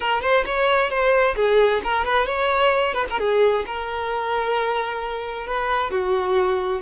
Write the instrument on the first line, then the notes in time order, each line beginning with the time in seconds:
violin
0.00 A#4
0.21 C5
0.45 C#5
0.89 C5
1.36 G#4
1.83 A#4
2.05 B4
2.26 C#5
2.94 B4
3.10 A#4
3.19 G#4
3.66 A#4
5.46 B4
5.90 F#4